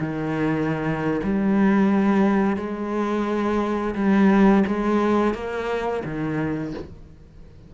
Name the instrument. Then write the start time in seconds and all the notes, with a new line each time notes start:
cello
0.00 D#3
1.24 G3
2.57 G#3
3.95 G3
4.67 G#3
5.34 A#3
6.05 D#3